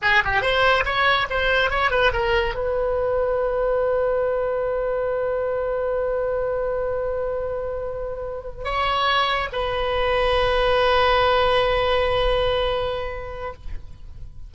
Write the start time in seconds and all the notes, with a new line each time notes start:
0.02 G#4
0.24 G4
0.41 C5
0.85 C#5
1.30 C5
1.70 C#5
1.90 B4
2.12 A#4
2.54 B4
8.64 C#5
9.52 B4